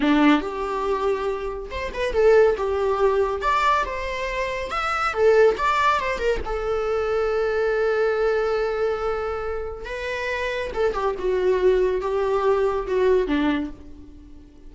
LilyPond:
\new Staff \with { instrumentName = "viola" } { \time 4/4 \tempo 4 = 140 d'4 g'2. | c''8 b'8 a'4 g'2 | d''4 c''2 e''4 | a'4 d''4 c''8 ais'8 a'4~ |
a'1~ | a'2. b'4~ | b'4 a'8 g'8 fis'2 | g'2 fis'4 d'4 | }